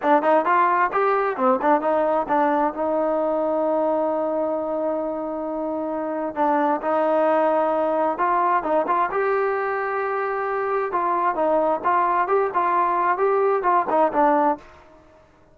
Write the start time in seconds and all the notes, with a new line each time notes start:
0.02 D4
0.22 D#4
0.45 F4
0.92 G4
1.36 C4
1.61 D4
1.81 D#4
2.28 D4
2.73 D#4
6.35 D4
6.81 D#4
8.18 F4
8.63 D#4
8.87 F4
9.11 G4
10.92 F4
11.35 D#4
11.83 F4
12.27 G4
12.54 F4
13.17 G4
13.62 F4
13.89 D#4
14.12 D4